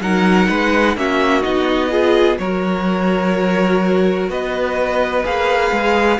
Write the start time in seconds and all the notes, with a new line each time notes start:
0.00 F#3 D#4 A#4 F#5
0.48 G#3 B4
0.96 A#3 C#4 F#4 E5
1.41 B3 D#4 D#5
1.90 F4 G#4
2.38 F#3 F#4 A#4 C#5
4.29 B3 B4 D#5
5.23 A#3 G#4 F5
5.71 G#3